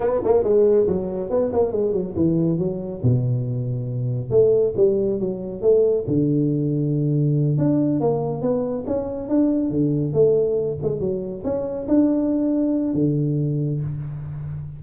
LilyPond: \new Staff \with { instrumentName = "tuba" } { \time 4/4 \tempo 4 = 139 b8 ais8 gis4 fis4 b8 ais8 | gis8 fis8 e4 fis4 b,4~ | b,2 a4 g4 | fis4 a4 d2~ |
d4. d'4 ais4 b8~ | b8 cis'4 d'4 d4 a8~ | a4 gis8 fis4 cis'4 d'8~ | d'2 d2 | }